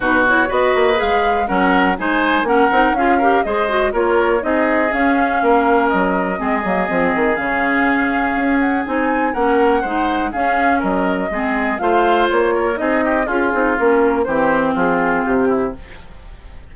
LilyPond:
<<
  \new Staff \with { instrumentName = "flute" } { \time 4/4 \tempo 4 = 122 b'8 cis''8 dis''4 f''4 fis''4 | gis''4 fis''4 f''4 dis''4 | cis''4 dis''4 f''2 | dis''2. f''4~ |
f''4. fis''8 gis''4 fis''4~ | fis''4 f''4 dis''2 | f''4 cis''4 dis''4 gis'4 | ais'4 c''4 gis'4 g'4 | }
  \new Staff \with { instrumentName = "oboe" } { \time 4/4 fis'4 b'2 ais'4 | c''4 ais'4 gis'8 ais'8 c''4 | ais'4 gis'2 ais'4~ | ais'4 gis'2.~ |
gis'2. ais'4 | c''4 gis'4 ais'4 gis'4 | c''4. ais'8 gis'8 g'8 f'4~ | f'4 g'4 f'4. e'8 | }
  \new Staff \with { instrumentName = "clarinet" } { \time 4/4 dis'8 e'8 fis'4 gis'4 cis'4 | dis'4 cis'8 dis'8 f'8 g'8 gis'8 fis'8 | f'4 dis'4 cis'2~ | cis'4 c'8 ais8 c'4 cis'4~ |
cis'2 dis'4 cis'4 | dis'4 cis'2 c'4 | f'2 dis'4 f'8 dis'8 | cis'4 c'2. | }
  \new Staff \with { instrumentName = "bassoon" } { \time 4/4 b,4 b8 ais8 gis4 fis4 | gis4 ais8 c'8 cis'4 gis4 | ais4 c'4 cis'4 ais4 | fis4 gis8 fis8 f8 dis8 cis4~ |
cis4 cis'4 c'4 ais4 | gis4 cis'4 fis4 gis4 | a4 ais4 c'4 cis'8 c'8 | ais4 e4 f4 c4 | }
>>